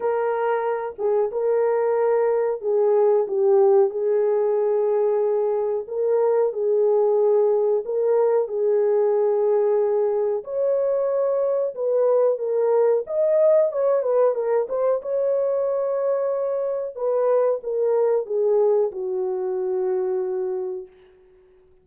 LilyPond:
\new Staff \with { instrumentName = "horn" } { \time 4/4 \tempo 4 = 92 ais'4. gis'8 ais'2 | gis'4 g'4 gis'2~ | gis'4 ais'4 gis'2 | ais'4 gis'2. |
cis''2 b'4 ais'4 | dis''4 cis''8 b'8 ais'8 c''8 cis''4~ | cis''2 b'4 ais'4 | gis'4 fis'2. | }